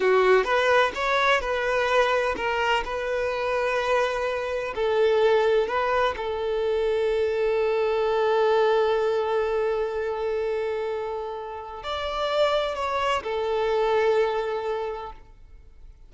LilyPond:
\new Staff \with { instrumentName = "violin" } { \time 4/4 \tempo 4 = 127 fis'4 b'4 cis''4 b'4~ | b'4 ais'4 b'2~ | b'2 a'2 | b'4 a'2.~ |
a'1~ | a'1~ | a'4 d''2 cis''4 | a'1 | }